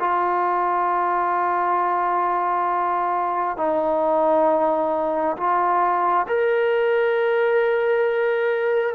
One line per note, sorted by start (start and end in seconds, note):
0.00 3.57 F4
3.57 5.36 D#4
5.37 6.26 F4
6.28 8.95 A#4